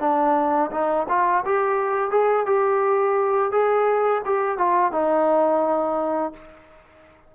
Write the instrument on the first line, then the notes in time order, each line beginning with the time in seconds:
trombone
0.00 D4
0.72 D#4
1.09 F4
1.45 G4
2.11 G#4
2.46 G4
3.52 G#4
4.25 G4
4.58 F4
4.92 D#4